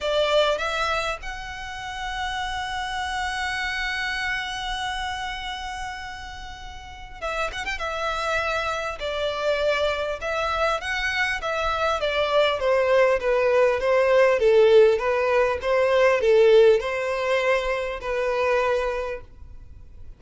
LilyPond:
\new Staff \with { instrumentName = "violin" } { \time 4/4 \tempo 4 = 100 d''4 e''4 fis''2~ | fis''1~ | fis''1 | e''8 fis''16 g''16 e''2 d''4~ |
d''4 e''4 fis''4 e''4 | d''4 c''4 b'4 c''4 | a'4 b'4 c''4 a'4 | c''2 b'2 | }